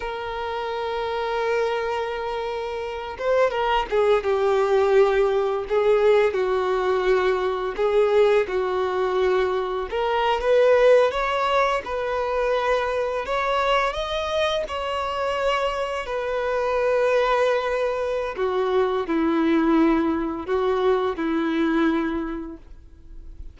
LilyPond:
\new Staff \with { instrumentName = "violin" } { \time 4/4 \tempo 4 = 85 ais'1~ | ais'8 c''8 ais'8 gis'8 g'2 | gis'4 fis'2 gis'4 | fis'2 ais'8. b'4 cis''16~ |
cis''8. b'2 cis''4 dis''16~ | dis''8. cis''2 b'4~ b'16~ | b'2 fis'4 e'4~ | e'4 fis'4 e'2 | }